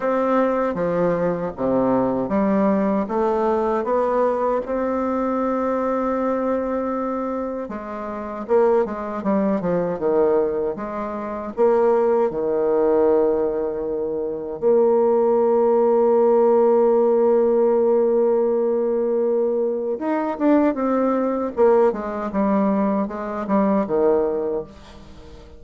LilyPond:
\new Staff \with { instrumentName = "bassoon" } { \time 4/4 \tempo 4 = 78 c'4 f4 c4 g4 | a4 b4 c'2~ | c'2 gis4 ais8 gis8 | g8 f8 dis4 gis4 ais4 |
dis2. ais4~ | ais1~ | ais2 dis'8 d'8 c'4 | ais8 gis8 g4 gis8 g8 dis4 | }